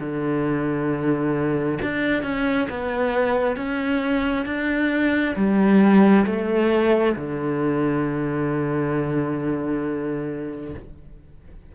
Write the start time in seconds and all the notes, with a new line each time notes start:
0.00 D3
1.82 D4
2.23 C#4
2.70 B3
3.57 C#4
4.46 D4
5.36 G3
6.26 A3
7.16 D3